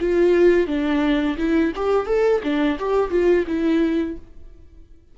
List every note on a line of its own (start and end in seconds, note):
0.00 0.67 F4
0.67 1.37 D4
1.38 1.73 E4
1.76 2.06 G4
2.06 2.41 A4
2.43 2.78 D4
2.79 3.10 G4
3.10 3.45 F4
3.47 4.17 E4